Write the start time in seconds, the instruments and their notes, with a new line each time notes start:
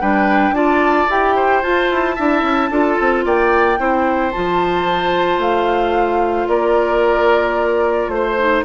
0.00 bassoon G3, clarinet D4, oboe B4, flute G5
0.50 bassoon D4, clarinet F4, oboe D5, flute A5
1.09 bassoon E4, clarinet G4, flute G5
1.35 oboe C5
1.62 clarinet F4, bassoon F4, flute A5
1.90 bassoon E4
2.15 bassoon D4, clarinet E4, oboe E5
2.42 bassoon C#4
2.70 bassoon D4, clarinet F4, oboe A4
3.00 bassoon C4
3.25 bassoon A#3, oboe D5, flute G5
3.77 bassoon C4, clarinet E4, oboe C5
4.31 bassoon F3, clarinet F4, flute A5
5.38 bassoon A3, flute F5
6.48 bassoon A#3, oboe A#4, flute D5
8.08 bassoon A3, flute C5
8.14 oboe C5
8.38 clarinet D#4